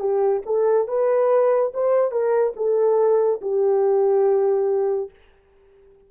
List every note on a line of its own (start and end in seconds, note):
0.00 0.42 G4
0.46 0.88 A4
0.88 1.72 B4
1.74 2.11 C5
2.11 2.54 A#4
2.56 3.41 A4
3.41 5.10 G4